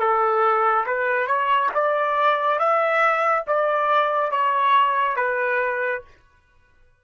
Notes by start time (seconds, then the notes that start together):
0.00 A4
0.87 B4
1.27 C#5
1.75 D5
2.59 E5
3.48 D5
4.32 C#5
5.17 B4